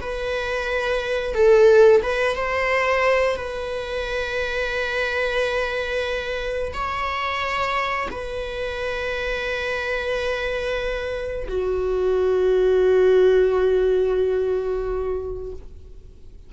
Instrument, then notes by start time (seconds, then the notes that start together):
viola
0.00 B4
1.34 A4
2.02 B4
2.35 C5
3.36 B4
6.73 C#5
8.11 B4
11.48 F#4